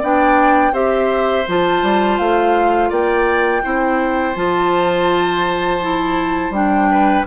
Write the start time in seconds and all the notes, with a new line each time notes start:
0.00 B3 D4 D5 G5
0.72 C4 G4 C5 E5
1.47 F3 F4 A5
1.82 G3
2.18 A3 F5
2.89 A#3 D5 G5
3.62 C4 E4 C5
4.34 F3 F4 A5
5.81 E4
6.50 G3 D4 G5
6.90 B4